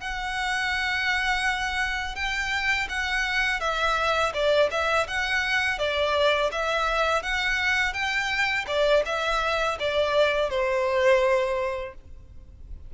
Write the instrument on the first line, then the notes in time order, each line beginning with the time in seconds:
violin
0.00 F#5
2.15 G5
2.89 F#5
3.60 E5
4.33 D5
4.71 E5
5.07 F#5
5.78 D5
6.52 E5
7.22 F#5
7.93 G5
8.67 D5
9.05 E5
9.79 D5
10.50 C5